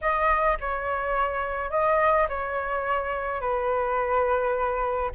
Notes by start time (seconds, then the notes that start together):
0.01 D#5
0.60 C#5
1.70 D#5
2.28 C#5
3.41 B4